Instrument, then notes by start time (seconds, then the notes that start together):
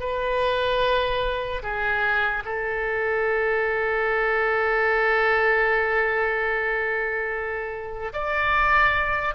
oboe
0.00 B4
1.63 G#4
2.45 A4
8.13 D5